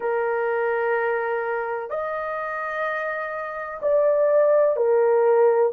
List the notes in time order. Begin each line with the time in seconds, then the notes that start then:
0.00 A#4
1.90 D#5
3.82 D5
4.76 A#4